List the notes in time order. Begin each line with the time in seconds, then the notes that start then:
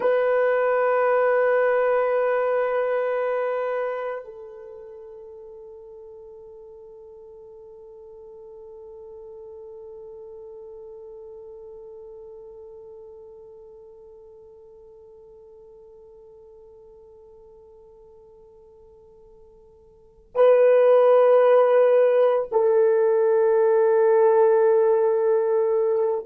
0.00 B4
4.24 A4
20.34 B4
22.51 A4